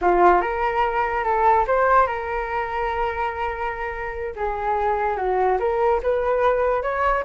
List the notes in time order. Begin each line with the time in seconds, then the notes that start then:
0.01 F4
0.41 A#4
1.24 A4
1.67 C5
2.06 A#4
4.35 G#4
5.16 F#4
5.59 A#4
6.03 B4
6.82 C#5